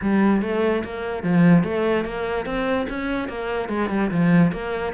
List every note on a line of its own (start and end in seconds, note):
0.01 0.42 G3
0.42 0.83 A3
0.83 1.23 A#3
1.23 1.63 F3
1.63 2.04 A3
2.04 2.45 A#3
2.45 2.87 C4
2.89 3.28 C#4
3.28 3.69 A#3
3.69 3.89 G#3
3.89 4.10 G3
4.10 4.51 F3
4.52 4.93 A#3